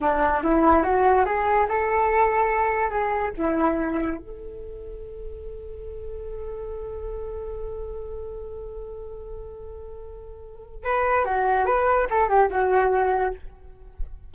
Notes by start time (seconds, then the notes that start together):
0.00 D4
0.43 E4
0.83 F#4
1.25 G#4
1.68 A4
2.90 G#4
3.36 E4
4.18 A4
10.84 B4
11.24 F#4
11.65 B4
12.09 A4
12.28 G4
12.50 F#4